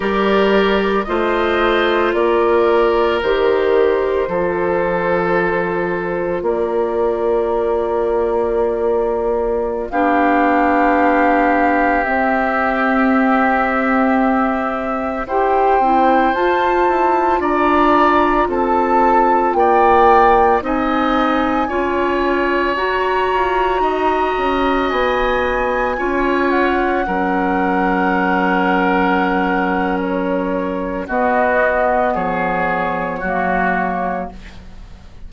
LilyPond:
<<
  \new Staff \with { instrumentName = "flute" } { \time 4/4 \tempo 4 = 56 d''4 dis''4 d''4 c''4~ | c''2 d''2~ | d''4~ d''16 f''2 e''8.~ | e''2~ e''16 g''4 a''8.~ |
a''16 ais''4 a''4 g''4 gis''8.~ | gis''4~ gis''16 ais''2 gis''8.~ | gis''8. fis''2.~ fis''16 | cis''4 dis''4 cis''2 | }
  \new Staff \with { instrumentName = "oboe" } { \time 4/4 ais'4 c''4 ais'2 | a'2 ais'2~ | ais'4~ ais'16 g'2~ g'8.~ | g'2~ g'16 c''4.~ c''16~ |
c''16 d''4 a'4 d''4 dis''8.~ | dis''16 cis''2 dis''4.~ dis''16~ | dis''16 cis''4 ais'2~ ais'8.~ | ais'4 fis'4 gis'4 fis'4 | }
  \new Staff \with { instrumentName = "clarinet" } { \time 4/4 g'4 f'2 g'4 | f'1~ | f'4~ f'16 d'2 c'8.~ | c'2~ c'16 g'8 e'8 f'8.~ |
f'2.~ f'16 dis'8.~ | dis'16 f'4 fis'2~ fis'8.~ | fis'16 f'4 cis'2~ cis'8.~ | cis'4 b2 ais4 | }
  \new Staff \with { instrumentName = "bassoon" } { \time 4/4 g4 a4 ais4 dis4 | f2 ais2~ | ais4~ ais16 b2 c'8.~ | c'2~ c'16 e'8 c'8 f'8 e'16~ |
e'16 d'4 c'4 ais4 c'8.~ | c'16 cis'4 fis'8 f'8 dis'8 cis'8 b8.~ | b16 cis'4 fis2~ fis8.~ | fis4 b4 f4 fis4 | }
>>